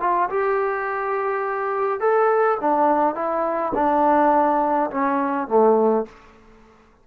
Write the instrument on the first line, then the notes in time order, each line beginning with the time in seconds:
trombone
0.00 F4
0.29 G4
2.00 A4
2.60 D4
3.14 E4
3.74 D4
4.90 C#4
5.48 A3